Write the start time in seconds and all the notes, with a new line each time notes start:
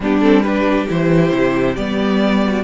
0.00 G3 B3 D4 G4
0.20 C4 A4
0.42 D4 G4 B4
0.88 E3 E4 C5
1.32 C3
1.76 G3 B3 D5
2.45 F#4